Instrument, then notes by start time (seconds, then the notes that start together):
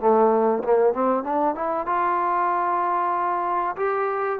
trombone
0.00 A3
0.64 A#3
0.93 C4
1.24 D4
1.55 E4
1.86 F4
3.76 G4